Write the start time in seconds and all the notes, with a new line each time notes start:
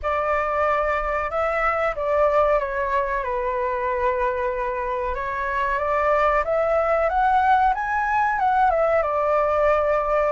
0.02 D5
1.30 E5
1.95 D5
2.59 C#5
3.23 B4
5.14 C#5
5.79 D5
6.44 E5
7.09 F#5
7.74 G#5
8.39 F#5
8.70 E5
9.02 D5